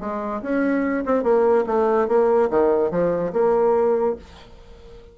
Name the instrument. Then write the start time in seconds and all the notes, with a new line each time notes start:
bassoon
0.00 G#3
0.42 C#4
1.05 C4
1.23 A#3
1.66 A3
2.08 A#3
2.50 D#3
2.91 F3
3.33 A#3